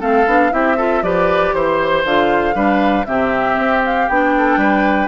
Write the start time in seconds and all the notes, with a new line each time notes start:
0.00 A3 C4 A4 F5
0.26 B3 D4
0.51 C4 E4 G4 E5
0.77 F4 A4
1.02 F3 G4 B4 D5
1.53 E3 C5
2.05 D3 F4 F5
2.54 G3 D4 B4
3.05 C3 C4 G4 E5
3.57 C4
3.85 F5
4.08 B3 D4 G5
4.37 A4
4.57 G3 B4